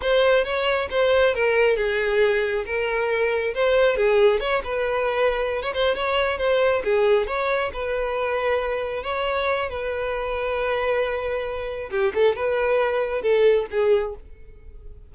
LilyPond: \new Staff \with { instrumentName = "violin" } { \time 4/4 \tempo 4 = 136 c''4 cis''4 c''4 ais'4 | gis'2 ais'2 | c''4 gis'4 cis''8 b'4.~ | b'8. cis''16 c''8 cis''4 c''4 gis'8~ |
gis'8 cis''4 b'2~ b'8~ | b'8 cis''4. b'2~ | b'2. g'8 a'8 | b'2 a'4 gis'4 | }